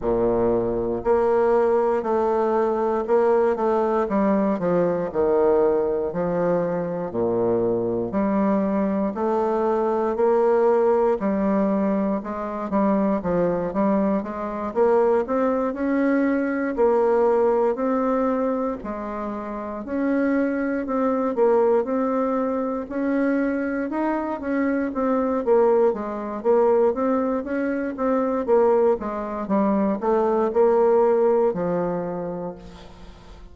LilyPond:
\new Staff \with { instrumentName = "bassoon" } { \time 4/4 \tempo 4 = 59 ais,4 ais4 a4 ais8 a8 | g8 f8 dis4 f4 ais,4 | g4 a4 ais4 g4 | gis8 g8 f8 g8 gis8 ais8 c'8 cis'8~ |
cis'8 ais4 c'4 gis4 cis'8~ | cis'8 c'8 ais8 c'4 cis'4 dis'8 | cis'8 c'8 ais8 gis8 ais8 c'8 cis'8 c'8 | ais8 gis8 g8 a8 ais4 f4 | }